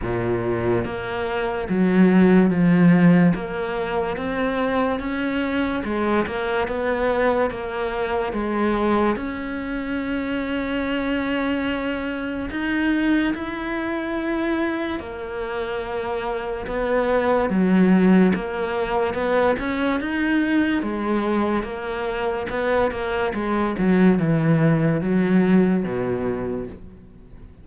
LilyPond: \new Staff \with { instrumentName = "cello" } { \time 4/4 \tempo 4 = 72 ais,4 ais4 fis4 f4 | ais4 c'4 cis'4 gis8 ais8 | b4 ais4 gis4 cis'4~ | cis'2. dis'4 |
e'2 ais2 | b4 fis4 ais4 b8 cis'8 | dis'4 gis4 ais4 b8 ais8 | gis8 fis8 e4 fis4 b,4 | }